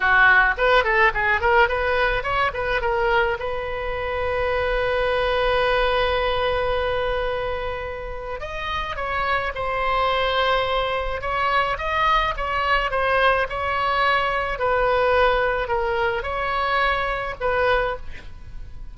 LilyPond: \new Staff \with { instrumentName = "oboe" } { \time 4/4 \tempo 4 = 107 fis'4 b'8 a'8 gis'8 ais'8 b'4 | cis''8 b'8 ais'4 b'2~ | b'1~ | b'2. dis''4 |
cis''4 c''2. | cis''4 dis''4 cis''4 c''4 | cis''2 b'2 | ais'4 cis''2 b'4 | }